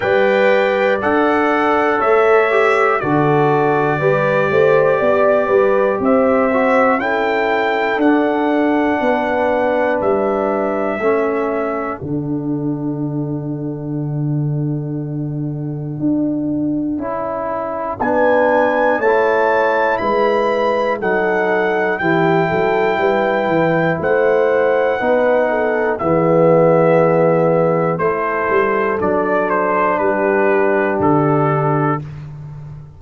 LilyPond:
<<
  \new Staff \with { instrumentName = "trumpet" } { \time 4/4 \tempo 4 = 60 g''4 fis''4 e''4 d''4~ | d''2 e''4 g''4 | fis''2 e''2 | fis''1~ |
fis''2 gis''4 a''4 | b''4 fis''4 g''2 | fis''2 e''2 | c''4 d''8 c''8 b'4 a'4 | }
  \new Staff \with { instrumentName = "horn" } { \time 4/4 d''2 cis''4 a'4 | b'8 c''8 d''8 b'8 c''4 a'4~ | a'4 b'2 a'4~ | a'1~ |
a'2 b'4 cis''4 | b'4 a'4 g'8 a'8 b'4 | c''4 b'8 a'8 gis'2 | a'2 g'2 | }
  \new Staff \with { instrumentName = "trombone" } { \time 4/4 b'4 a'4. g'8 fis'4 | g'2~ g'8 fis'8 e'4 | d'2. cis'4 | d'1~ |
d'4 e'4 d'4 e'4~ | e'4 dis'4 e'2~ | e'4 dis'4 b2 | e'4 d'2. | }
  \new Staff \with { instrumentName = "tuba" } { \time 4/4 g4 d'4 a4 d4 | g8 a8 b8 g8 c'4 cis'4 | d'4 b4 g4 a4 | d1 |
d'4 cis'4 b4 a4 | gis4 fis4 e8 fis8 g8 e8 | a4 b4 e2 | a8 g8 fis4 g4 d4 | }
>>